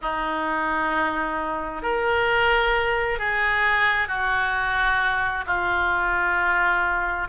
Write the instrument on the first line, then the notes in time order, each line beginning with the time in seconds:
oboe
0.01 D#4
1.82 A#4
3.18 G#4
4.08 F#4
5.46 F4